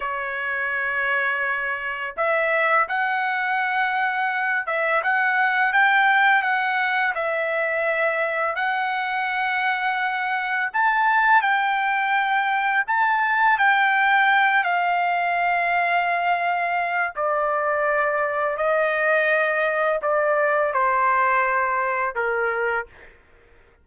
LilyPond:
\new Staff \with { instrumentName = "trumpet" } { \time 4/4 \tempo 4 = 84 cis''2. e''4 | fis''2~ fis''8 e''8 fis''4 | g''4 fis''4 e''2 | fis''2. a''4 |
g''2 a''4 g''4~ | g''8 f''2.~ f''8 | d''2 dis''2 | d''4 c''2 ais'4 | }